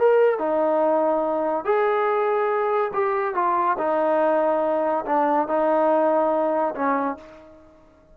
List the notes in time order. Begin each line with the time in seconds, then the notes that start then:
0.00 A#4
0.39 D#4
1.65 G#4
2.94 G4
3.35 F4
3.79 D#4
5.06 D4
5.49 D#4
6.75 C#4